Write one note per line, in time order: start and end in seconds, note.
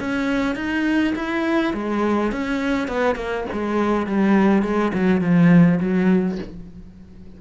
0.00 0.56 C#4
0.56 1.14 D#4
1.16 1.74 E4
1.74 2.32 G#3
2.32 2.88 C#4
2.88 3.16 B3
3.16 3.45 A#3
3.53 4.07 G#3
4.07 4.63 G3
4.63 4.92 G#3
4.94 5.21 F#3
5.21 5.80 F3
5.80 6.38 F#3